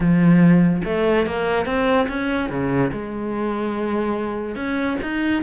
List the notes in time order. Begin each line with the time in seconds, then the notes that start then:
0.00 F3
0.84 A3
1.26 A#3
1.65 C4
2.08 C#4
2.49 C#3
2.92 G#3
4.55 C#4
5.02 D#4